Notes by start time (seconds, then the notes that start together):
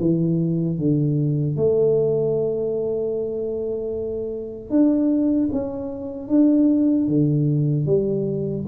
0.00 E3
0.78 D3
1.56 A3
4.70 D4
5.52 C#4
6.28 D4
7.08 D3
7.86 G3